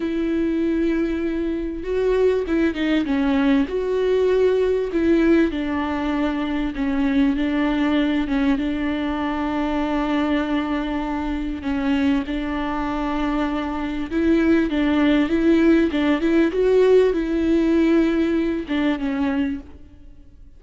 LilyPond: \new Staff \with { instrumentName = "viola" } { \time 4/4 \tempo 4 = 98 e'2. fis'4 | e'8 dis'8 cis'4 fis'2 | e'4 d'2 cis'4 | d'4. cis'8 d'2~ |
d'2. cis'4 | d'2. e'4 | d'4 e'4 d'8 e'8 fis'4 | e'2~ e'8 d'8 cis'4 | }